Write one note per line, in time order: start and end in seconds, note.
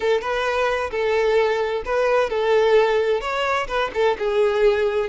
0.00 0.21 A4
0.21 0.90 B4
0.90 1.83 A4
1.85 2.29 B4
2.29 3.21 A4
3.21 3.67 C#5
3.67 3.90 B4
3.94 4.17 A4
4.18 5.09 G#4